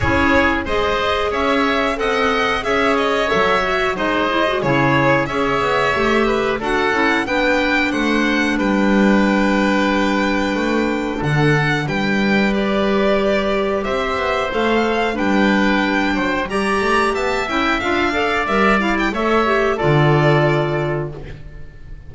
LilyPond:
<<
  \new Staff \with { instrumentName = "violin" } { \time 4/4 \tempo 4 = 91 cis''4 dis''4 e''4 fis''4 | e''8 dis''8 e''4 dis''4 cis''4 | e''2 fis''4 g''4 | fis''4 g''2.~ |
g''4 fis''4 g''4 d''4~ | d''4 e''4 f''4 g''4~ | g''4 ais''4 a''8 g''8 f''4 | e''8 f''16 g''16 e''4 d''2 | }
  \new Staff \with { instrumentName = "oboe" } { \time 4/4 gis'4 c''4 cis''4 dis''4 | cis''2 c''4 gis'4 | cis''4. b'8 a'4 b'4 | c''4 b'2.~ |
b'4 a'4 b'2~ | b'4 c''2 b'4~ | b'8 c''8 d''4 e''4. d''8~ | d''4 cis''4 a'2 | }
  \new Staff \with { instrumentName = "clarinet" } { \time 4/4 e'4 gis'2 a'4 | gis'4 a'8 fis'8 dis'8 e'16 fis'16 e'4 | gis'4 g'4 fis'8 e'8 d'4~ | d'1~ |
d'2. g'4~ | g'2 a'4 d'4~ | d'4 g'4. e'8 f'8 a'8 | ais'8 e'8 a'8 g'8 f'2 | }
  \new Staff \with { instrumentName = "double bass" } { \time 4/4 cis'4 gis4 cis'4 c'4 | cis'4 fis4 gis4 cis4 | cis'8 b8 a4 d'8 cis'8 b4 | a4 g2. |
a4 d4 g2~ | g4 c'8 b8 a4 g4~ | g8 fis8 g8 a8 b8 cis'8 d'4 | g4 a4 d2 | }
>>